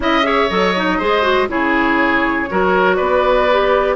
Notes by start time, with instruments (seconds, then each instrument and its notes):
0.00 bassoon C#4, clarinet E4, oboe D#5, flute E5
0.23 clarinet G#4, oboe C#5
0.49 bassoon F#3, clarinet A4, flute D#5
0.76 clarinet D#4
0.98 bassoon G#3, clarinet G#4, oboe C5
1.22 clarinet F#4
1.48 bassoon C#3, clarinet E4, oboe G#4, flute C#5
2.50 bassoon F#3, clarinet F#4, oboe A#4
2.95 bassoon B3, oboe B4, flute D5
3.50 clarinet G4